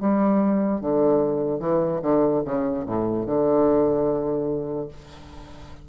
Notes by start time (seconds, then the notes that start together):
0.00 G3
0.81 D3
1.60 E3
2.02 D3
2.45 C#3
2.86 A2
3.26 D3